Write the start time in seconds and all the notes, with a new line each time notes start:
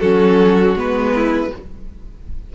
0.00 F#3 C#4 F#4 A4
0.75 G#3 B3 B4
1.15 E4